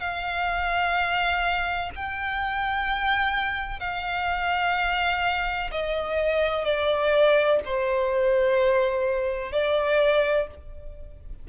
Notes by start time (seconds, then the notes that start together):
0.00 F5
1.96 G5
3.80 F5
5.72 D#5
6.65 D5
7.65 C5
9.52 D5